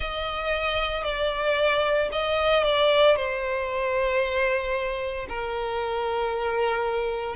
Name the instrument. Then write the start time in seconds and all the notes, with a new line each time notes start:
violin
0.00 D#5
1.04 D5
2.11 D#5
2.63 D5
3.16 C5
5.29 A#4